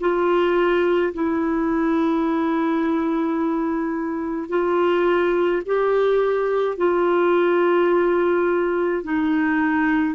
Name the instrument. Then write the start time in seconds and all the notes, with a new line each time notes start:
clarinet
0.00 F4
1.14 E4
4.49 F4
5.66 G4
6.77 F4
9.04 D#4